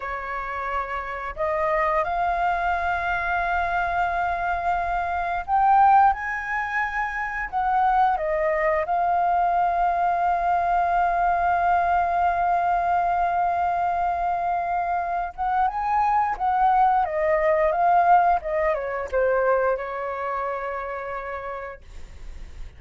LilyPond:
\new Staff \with { instrumentName = "flute" } { \time 4/4 \tempo 4 = 88 cis''2 dis''4 f''4~ | f''1 | g''4 gis''2 fis''4 | dis''4 f''2.~ |
f''1~ | f''2~ f''8 fis''8 gis''4 | fis''4 dis''4 f''4 dis''8 cis''8 | c''4 cis''2. | }